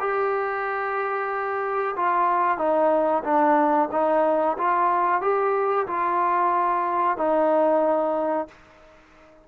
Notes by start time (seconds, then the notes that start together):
0.00 G4
1.96 F4
2.58 D#4
3.24 D4
3.92 D#4
4.58 F4
5.21 G4
5.87 F4
7.18 D#4